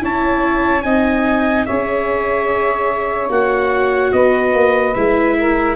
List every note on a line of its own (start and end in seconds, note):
0.00 0.84 C#4
0.00 0.82 E4
0.00 0.84 C#5
0.00 0.82 A5
0.82 1.66 C4
0.82 1.66 D#4
0.82 1.66 D#5
0.82 1.64 G#5
1.65 3.29 C#4
1.65 3.29 G#4
1.65 4.12 C#5
1.65 3.29 E5
3.29 4.11 A#3
3.29 4.93 F#4
3.29 4.12 F#5
4.12 4.53 B3
4.12 5.37 B4
4.12 4.94 D#5
4.53 4.94 A#3
4.94 5.76 G#3
4.94 5.76 E4
4.94 5.76 E5
5.37 5.76 A#4